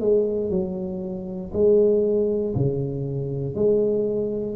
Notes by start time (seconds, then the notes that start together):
0.00 G#3
0.50 F#3
1.53 G#3
2.55 C#3
3.55 G#3